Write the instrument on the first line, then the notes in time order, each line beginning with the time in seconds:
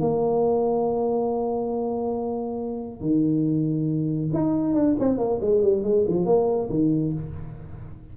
tuba
0.00 A#3
3.01 D#3
4.33 D#4
4.74 D4
4.99 C4
5.18 A#3
5.41 G#3
5.62 G3
5.83 G#3
6.08 F3
6.26 A#3
6.70 D#3